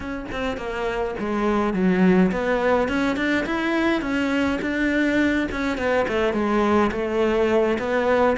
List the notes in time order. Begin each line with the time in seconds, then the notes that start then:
0.00 C#4
0.31 C4
0.57 A#3
1.19 G#3
1.73 F#3
2.31 B3
2.88 C#4
3.16 D4
3.45 E4
4.01 C#4
4.61 D4
5.51 C#4
5.77 B3
6.07 A3
6.33 G#3
6.91 A3
7.78 B3